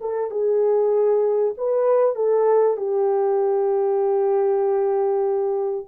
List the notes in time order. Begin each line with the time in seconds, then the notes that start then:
0.00 A4
0.30 G#4
1.57 B4
2.15 A4
2.77 G4